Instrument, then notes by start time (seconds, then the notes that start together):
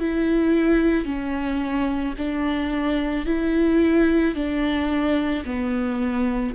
viola
0.00 E4
1.05 C#4
2.18 D4
3.26 E4
4.35 D4
5.45 B3